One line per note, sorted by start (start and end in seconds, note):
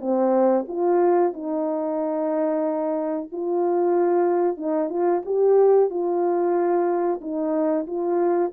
0.00 0.65 C4
0.68 1.33 F4
1.33 3.29 D#4
3.32 4.57 F4
4.57 4.89 D#4
4.89 5.22 F4
5.25 5.90 G4
5.90 7.20 F4
7.21 7.86 D#4
7.87 8.52 F4